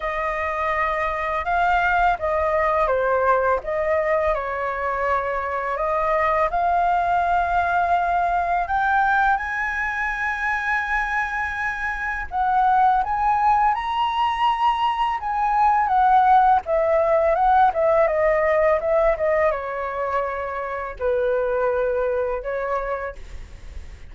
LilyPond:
\new Staff \with { instrumentName = "flute" } { \time 4/4 \tempo 4 = 83 dis''2 f''4 dis''4 | c''4 dis''4 cis''2 | dis''4 f''2. | g''4 gis''2.~ |
gis''4 fis''4 gis''4 ais''4~ | ais''4 gis''4 fis''4 e''4 | fis''8 e''8 dis''4 e''8 dis''8 cis''4~ | cis''4 b'2 cis''4 | }